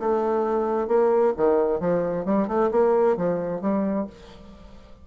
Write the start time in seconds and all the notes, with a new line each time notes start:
0.00 A3
0.88 A#3
1.37 D#3
1.80 F3
2.25 G3
2.48 A3
2.71 A#3
3.17 F3
3.62 G3